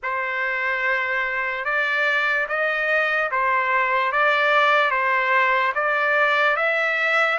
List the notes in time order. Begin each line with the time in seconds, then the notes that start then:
0.02 C5
1.64 D5
2.48 D#5
3.31 C5
4.12 D5
4.90 C5
5.74 D5
6.56 E5